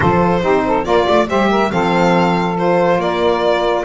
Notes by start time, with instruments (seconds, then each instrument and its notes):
0.00 double bass F3, saxophone F4 A4, violin C5
0.41 double bass C4, saxophone D#4 G4
0.66 saxophone A4
0.83 double bass A#3, saxophone F4 A#4, violin D5
1.06 double bass A3, saxophone D5
1.27 double bass G3, saxophone G4 C5, violin E5
1.50 saxophone A#4
1.70 double bass F3, saxophone C4 A4, violin F5
2.57 saxophone F4, violin C5
2.98 double bass A#3, saxophone A#4, violin D5